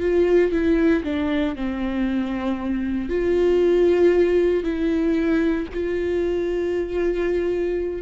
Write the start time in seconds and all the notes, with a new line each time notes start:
0.00 F4
0.52 E4
1.04 D4
1.56 C4
3.09 F4
4.64 E4
5.74 F4